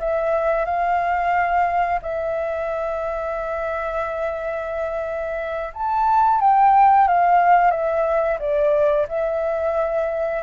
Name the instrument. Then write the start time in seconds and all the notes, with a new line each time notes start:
flute
0.00 E5
0.66 F5
2.03 E5
5.74 A5
6.41 G5
7.08 F5
7.71 E5
8.40 D5
9.09 E5